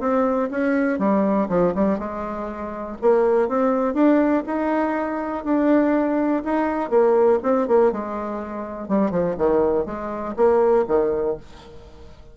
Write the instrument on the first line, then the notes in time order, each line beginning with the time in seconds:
bassoon
0.00 C4
0.51 C#4
0.99 G3
1.49 F3
1.75 G3
1.99 G#3
3.02 A#3
3.49 C4
3.94 D4
4.46 D#4
5.45 D4
6.44 D#4
6.90 A#3
7.43 C4
7.68 A#3
7.92 G#3
8.89 G3
9.11 F3
9.38 D#3
9.86 G#3
10.36 A#3
10.88 D#3